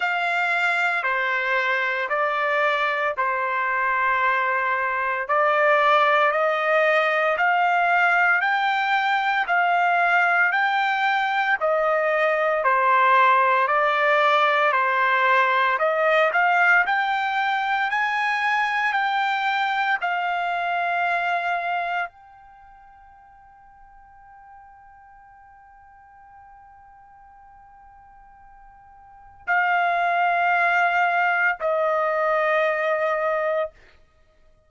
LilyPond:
\new Staff \with { instrumentName = "trumpet" } { \time 4/4 \tempo 4 = 57 f''4 c''4 d''4 c''4~ | c''4 d''4 dis''4 f''4 | g''4 f''4 g''4 dis''4 | c''4 d''4 c''4 dis''8 f''8 |
g''4 gis''4 g''4 f''4~ | f''4 g''2.~ | g''1 | f''2 dis''2 | }